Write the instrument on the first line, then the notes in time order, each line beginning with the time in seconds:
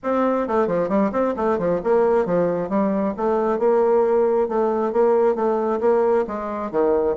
bassoon
0.03 C4
0.47 A3
0.67 F3
0.89 G3
1.12 C4
1.36 A3
1.58 F3
1.83 A#3
2.25 F3
2.69 G3
3.16 A3
3.58 A#3
4.48 A3
4.92 A#3
5.35 A3
5.80 A#3
6.27 G#3
6.71 D#3